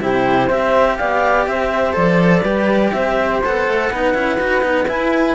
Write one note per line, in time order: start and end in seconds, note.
0.00 0.49 C3
0.00 0.49 E4
0.00 0.47 G4
0.00 0.50 C5
0.47 0.98 C4
0.47 1.93 G4
0.47 0.96 C5
0.47 0.97 E5
0.97 1.47 B3
0.97 1.48 D5
0.97 1.46 F5
1.46 1.96 C4
1.46 2.42 C5
1.46 1.95 E5
1.93 2.42 F3
1.93 2.42 A4
1.93 2.91 D5
2.42 2.91 G3
2.42 3.42 G4
2.42 2.91 B4
2.91 3.42 C4
2.91 3.91 C5
2.91 3.40 E5
3.43 3.68 B3
3.43 3.92 A4
3.43 4.88 F#5
3.68 3.90 A3
3.90 4.14 B3
3.90 4.14 D#4
3.90 5.35 B4
4.14 4.38 C#4
4.14 4.39 E4
4.38 4.62 D#4
4.38 4.61 F#4
4.61 4.87 B3
4.61 4.85 D#4
4.87 5.35 E4
4.87 5.35 G#5